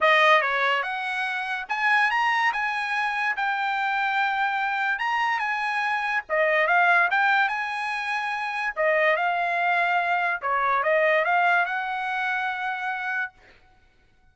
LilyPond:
\new Staff \with { instrumentName = "trumpet" } { \time 4/4 \tempo 4 = 144 dis''4 cis''4 fis''2 | gis''4 ais''4 gis''2 | g''1 | ais''4 gis''2 dis''4 |
f''4 g''4 gis''2~ | gis''4 dis''4 f''2~ | f''4 cis''4 dis''4 f''4 | fis''1 | }